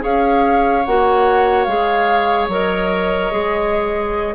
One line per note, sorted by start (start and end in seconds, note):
0.00 0.86 C#4
0.00 0.82 G#4
0.00 4.34 C#5
0.00 0.85 F5
0.85 1.66 A#3
0.85 1.67 F#4
0.85 1.64 F#5
1.64 2.48 G#3
1.64 2.50 G#4
1.64 2.46 F5
2.48 3.30 F#3
2.48 3.31 A#4
2.48 4.35 D#5
3.31 4.34 G#3
3.31 4.34 G#4